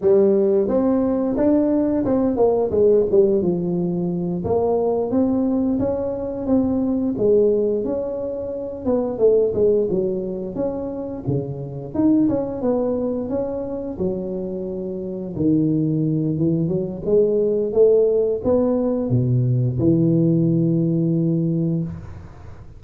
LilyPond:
\new Staff \with { instrumentName = "tuba" } { \time 4/4 \tempo 4 = 88 g4 c'4 d'4 c'8 ais8 | gis8 g8 f4. ais4 c'8~ | c'8 cis'4 c'4 gis4 cis'8~ | cis'4 b8 a8 gis8 fis4 cis'8~ |
cis'8 cis4 dis'8 cis'8 b4 cis'8~ | cis'8 fis2 dis4. | e8 fis8 gis4 a4 b4 | b,4 e2. | }